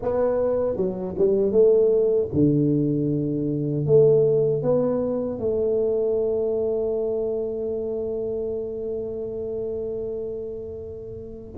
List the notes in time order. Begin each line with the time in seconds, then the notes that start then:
0.02 B3
0.76 F#3
1.17 G3
1.52 A3
2.33 D3
3.86 A3
4.62 B3
5.38 A3